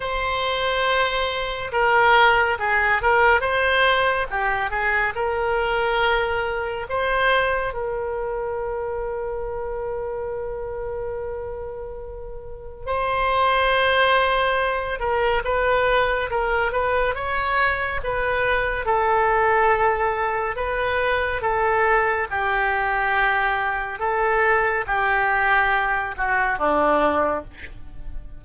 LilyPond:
\new Staff \with { instrumentName = "oboe" } { \time 4/4 \tempo 4 = 70 c''2 ais'4 gis'8 ais'8 | c''4 g'8 gis'8 ais'2 | c''4 ais'2.~ | ais'2. c''4~ |
c''4. ais'8 b'4 ais'8 b'8 | cis''4 b'4 a'2 | b'4 a'4 g'2 | a'4 g'4. fis'8 d'4 | }